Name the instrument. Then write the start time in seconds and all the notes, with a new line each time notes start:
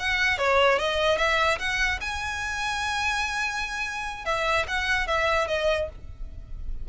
violin
0.00 F#5
0.38 C#5
0.79 D#5
1.18 E5
1.59 F#5
2.01 G#5
4.26 E5
4.68 F#5
5.07 E5
5.48 D#5